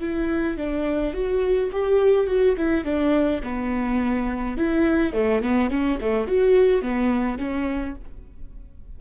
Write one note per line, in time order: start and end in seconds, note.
0.00 0.57 E4
0.57 1.13 D4
1.13 1.70 F#4
1.72 2.27 G4
2.27 2.55 F#4
2.57 2.84 E4
2.84 3.41 D4
3.43 4.57 B3
4.57 5.13 E4
5.13 5.42 A3
5.42 5.70 B3
5.70 5.98 C#4
6.01 6.27 A3
6.27 6.82 F#4
6.82 7.38 B3
7.38 7.95 C#4